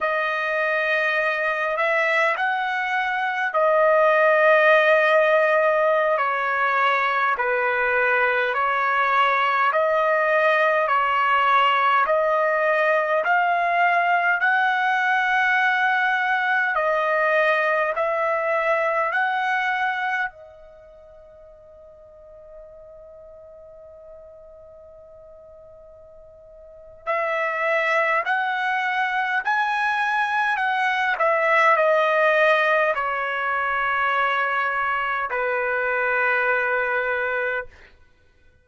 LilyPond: \new Staff \with { instrumentName = "trumpet" } { \time 4/4 \tempo 4 = 51 dis''4. e''8 fis''4 dis''4~ | dis''4~ dis''16 cis''4 b'4 cis''8.~ | cis''16 dis''4 cis''4 dis''4 f''8.~ | f''16 fis''2 dis''4 e''8.~ |
e''16 fis''4 dis''2~ dis''8.~ | dis''2. e''4 | fis''4 gis''4 fis''8 e''8 dis''4 | cis''2 b'2 | }